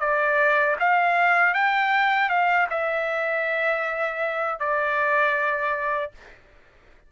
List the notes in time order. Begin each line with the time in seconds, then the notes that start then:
0.00 D5
0.80 F5
1.54 G5
2.30 F5
2.70 E5
4.60 D5